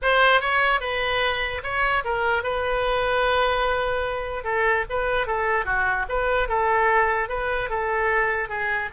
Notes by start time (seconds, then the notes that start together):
0.01 C5
0.41 C#5
0.80 B4
1.63 C#5
2.04 A#4
2.43 B4
4.44 A4
4.89 B4
5.26 A4
5.65 F#4
6.08 B4
6.48 A4
7.29 B4
7.69 A4
8.48 G#4